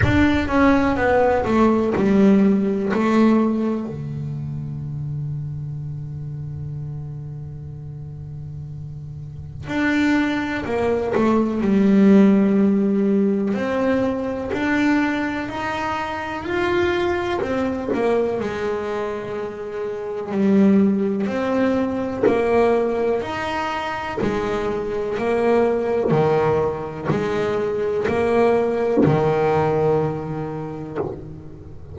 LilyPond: \new Staff \with { instrumentName = "double bass" } { \time 4/4 \tempo 4 = 62 d'8 cis'8 b8 a8 g4 a4 | d1~ | d2 d'4 ais8 a8 | g2 c'4 d'4 |
dis'4 f'4 c'8 ais8 gis4~ | gis4 g4 c'4 ais4 | dis'4 gis4 ais4 dis4 | gis4 ais4 dis2 | }